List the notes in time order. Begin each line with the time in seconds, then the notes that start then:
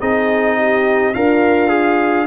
0.00 C4 D#4 G#4 D#5
0.57 G4
1.14 D4 F4 A#4 F5
1.69 G#4